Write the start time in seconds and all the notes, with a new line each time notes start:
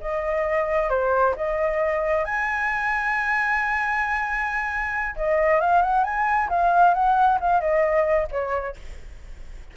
0.00 D#5
0.89 C5
1.36 D#5
2.24 G#5
5.16 D#5
5.60 F5
5.82 F#5
6.04 G#5
6.49 F5
6.94 F#5
7.40 F5
7.60 D#5
8.31 C#5